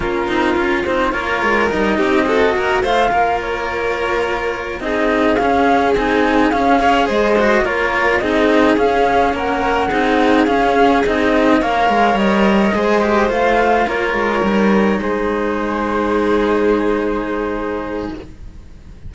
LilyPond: <<
  \new Staff \with { instrumentName = "flute" } { \time 4/4 \tempo 4 = 106 ais'4. c''8 cis''4 dis''4~ | dis''4 f''4 cis''2~ | cis''8 dis''4 f''4 gis''4 f''8~ | f''8 dis''4 cis''4 dis''4 f''8~ |
f''8 fis''2 f''4 dis''8~ | dis''8 f''4 dis''2 f''8~ | f''8 cis''2 c''4.~ | c''1 | }
  \new Staff \with { instrumentName = "violin" } { \time 4/4 f'2 ais'4. g'8 | a'8 ais'8 c''8 ais'2~ ais'8~ | ais'8 gis'2.~ gis'8 | cis''8 c''4 ais'4 gis'4.~ |
gis'8 ais'4 gis'2~ gis'8~ | gis'8 cis''2 c''4.~ | c''8 ais'2 gis'4.~ | gis'1 | }
  \new Staff \with { instrumentName = "cello" } { \time 4/4 cis'8 dis'8 f'8 dis'8 f'4 dis'4 | fis'4 f'2.~ | f'8 dis'4 cis'4 dis'4 cis'8 | gis'4 fis'8 f'4 dis'4 cis'8~ |
cis'4. dis'4 cis'4 dis'8~ | dis'8 ais'2 gis'8 g'8 f'8~ | f'4. dis'2~ dis'8~ | dis'1 | }
  \new Staff \with { instrumentName = "cello" } { \time 4/4 ais8 c'8 cis'8 c'8 ais8 gis8 g8 c'8~ | c'8 ais8 a8 ais2~ ais8~ | ais8 c'4 cis'4 c'4 cis'8~ | cis'8 gis4 ais4 c'4 cis'8~ |
cis'8 ais4 c'4 cis'4 c'8~ | c'8 ais8 gis8 g4 gis4 a8~ | a8 ais8 gis8 g4 gis4.~ | gis1 | }
>>